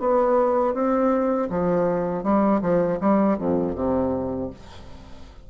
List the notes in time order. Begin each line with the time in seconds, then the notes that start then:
0.00 B3
0.74 C4
1.50 F3
2.24 G3
2.61 F3
3.01 G3
3.38 F2
3.75 C3